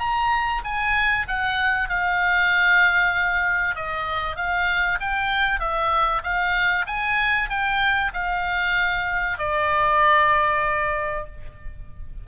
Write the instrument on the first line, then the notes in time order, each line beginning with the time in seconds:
oboe
0.00 A#5
0.64 G#5
1.28 F#5
1.89 F5
3.76 D#5
4.37 F5
5.01 G5
5.60 E5
6.24 F5
6.87 G#5
7.50 G5
8.14 F5
9.39 D5